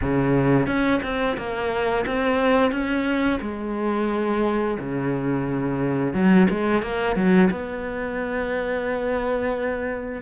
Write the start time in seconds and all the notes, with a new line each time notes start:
0.01 C#3
0.67 C#4
1.02 C4
1.37 A#3
2.06 C4
2.71 C#4
3.41 G#3
4.79 C#3
6.13 F#3
6.50 G#3
6.82 A#3
7.16 F#3
7.50 B3